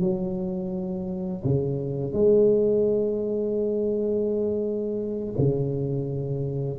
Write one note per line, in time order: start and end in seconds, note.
0.00 1.43 F#3
1.44 2.13 C#3
2.13 5.34 G#3
5.38 6.79 C#3